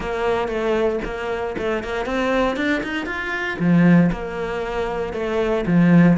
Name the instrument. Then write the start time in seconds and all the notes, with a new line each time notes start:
cello
0.00 A#3
0.48 A3
1.04 A#3
1.58 A3
1.83 A#3
2.05 C4
2.56 D4
2.83 D#4
3.06 F4
3.59 F3
4.12 A#3
5.13 A3
5.66 F3